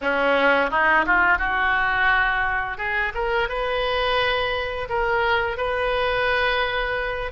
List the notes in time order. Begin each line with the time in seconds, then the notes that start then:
0.01 C#4
0.70 D#4
1.06 F4
1.38 F#4
2.77 G#4
3.14 A#4
3.49 B4
4.89 A#4
5.57 B4